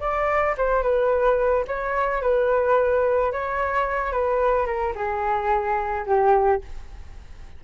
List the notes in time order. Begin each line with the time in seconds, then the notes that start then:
0.00 D5
0.57 C5
0.82 B4
1.67 C#5
2.22 B4
3.32 C#5
4.12 B4
4.66 A#4
4.95 G#4
6.06 G4